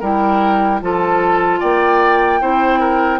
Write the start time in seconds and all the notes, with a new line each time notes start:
0.00 G3 E4 A#4 G5
0.82 F3 F4 A4 A5
1.60 A#3 D5 G5
2.41 C4 E4 C5
2.80 A#4